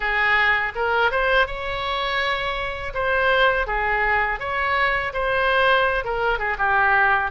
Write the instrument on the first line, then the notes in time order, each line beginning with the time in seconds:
oboe
0.00 G#4
0.75 A#4
1.11 C5
1.46 C#5
2.93 C5
3.67 G#4
4.39 C#5
5.13 C5
6.04 A#4
6.38 G#4
6.58 G4